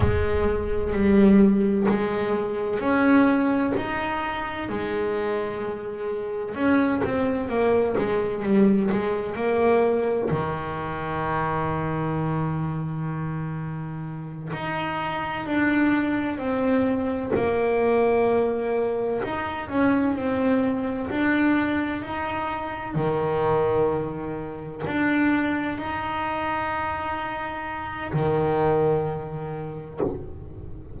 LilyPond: \new Staff \with { instrumentName = "double bass" } { \time 4/4 \tempo 4 = 64 gis4 g4 gis4 cis'4 | dis'4 gis2 cis'8 c'8 | ais8 gis8 g8 gis8 ais4 dis4~ | dis2.~ dis8 dis'8~ |
dis'8 d'4 c'4 ais4.~ | ais8 dis'8 cis'8 c'4 d'4 dis'8~ | dis'8 dis2 d'4 dis'8~ | dis'2 dis2 | }